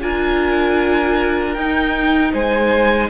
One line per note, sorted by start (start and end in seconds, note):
0.00 1.56 D4
0.00 1.56 F4
0.00 2.32 A#4
0.00 1.53 G#5
1.53 2.33 D#4
1.53 3.09 D#4
1.53 2.31 G5
2.32 3.09 G#3
2.32 3.09 C5
2.32 3.09 G#5